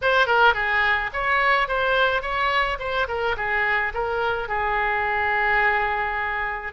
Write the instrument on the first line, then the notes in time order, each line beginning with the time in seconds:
oboe
0.01 C5
0.26 A#4
0.54 G#4
1.13 C#5
1.68 C5
2.21 C#5
2.79 C5
3.07 A#4
3.36 G#4
3.94 A#4
4.48 G#4